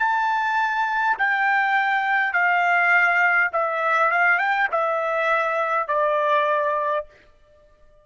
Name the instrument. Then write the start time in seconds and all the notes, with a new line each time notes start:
trumpet
0.00 A5
1.18 G5
2.33 F5
3.53 E5
4.12 F5
4.39 G5
4.72 E5
5.88 D5